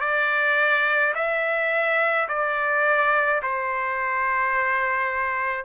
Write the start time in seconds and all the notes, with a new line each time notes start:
0.00 D5
1.15 E5
2.28 D5
3.42 C5